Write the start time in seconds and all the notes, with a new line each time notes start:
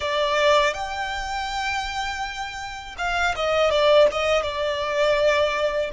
0.00 D5
0.73 G5
2.98 F5
3.35 D#5
3.70 D5
4.11 D#5
4.42 D5